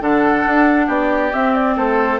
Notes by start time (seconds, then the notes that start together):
0.00 D3 D4 A4 F#5
0.46 D4
0.86 B3 G4 D5
1.33 C4 E5
1.54 D5
1.75 A3 A4 C5